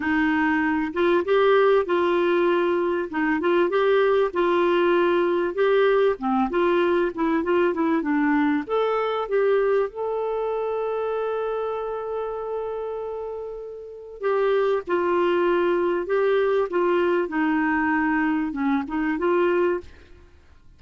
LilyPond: \new Staff \with { instrumentName = "clarinet" } { \time 4/4 \tempo 4 = 97 dis'4. f'8 g'4 f'4~ | f'4 dis'8 f'8 g'4 f'4~ | f'4 g'4 c'8 f'4 e'8 | f'8 e'8 d'4 a'4 g'4 |
a'1~ | a'2. g'4 | f'2 g'4 f'4 | dis'2 cis'8 dis'8 f'4 | }